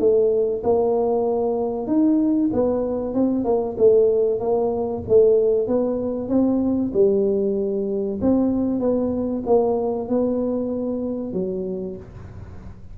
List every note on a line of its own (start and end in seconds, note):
0.00 0.63 A3
0.64 1.87 A#3
1.87 2.51 D#4
2.53 3.15 B3
3.15 3.45 C4
3.45 3.77 A#3
3.78 4.40 A3
4.40 5.04 A#3
5.09 5.68 A3
5.68 6.29 B3
6.29 6.92 C4
6.94 8.20 G3
8.22 8.80 C4
8.80 9.43 B3
9.47 10.09 A#3
10.09 11.33 B3
11.33 11.97 F#3